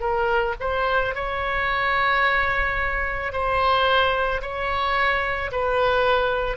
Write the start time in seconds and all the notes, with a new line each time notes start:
0.00 A#4
0.60 C5
1.15 C#5
3.32 C5
4.42 C#5
5.52 B4